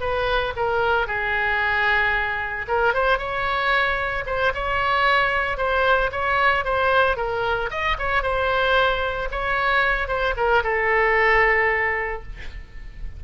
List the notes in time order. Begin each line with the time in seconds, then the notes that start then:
0.00 B4
0.56 A#4
1.07 G#4
2.67 A#4
2.94 C5
3.18 C#5
4.26 C5
4.54 C#5
5.57 C5
6.12 C#5
6.64 C5
7.16 A#4
7.70 D#5
7.98 C#5
8.22 C5
9.31 C#5
10.07 C5
10.36 A#4
10.63 A4